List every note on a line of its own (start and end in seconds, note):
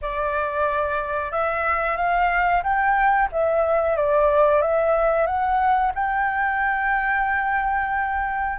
0.01 1.31 D5
1.31 1.97 E5
1.97 2.63 F5
2.63 3.28 G5
3.31 3.96 E5
3.96 4.61 D5
4.61 5.26 E5
5.26 5.92 F#5
5.94 8.58 G5